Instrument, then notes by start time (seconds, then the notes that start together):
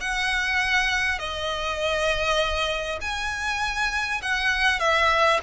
violin
0.00 F#5
1.18 D#5
3.01 G#5
4.22 F#5
4.79 E5